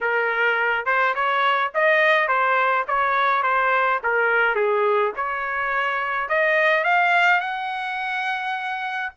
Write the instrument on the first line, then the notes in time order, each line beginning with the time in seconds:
trumpet
0.00 A#4
0.85 C5
1.15 C#5
1.74 D#5
2.28 C5
2.87 C#5
3.42 C5
4.03 A#4
4.55 G#4
5.16 C#5
6.28 D#5
6.84 F5
7.40 F#5